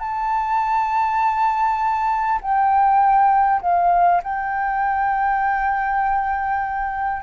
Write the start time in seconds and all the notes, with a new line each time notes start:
0.00 A5
2.42 G5
3.62 F5
4.23 G5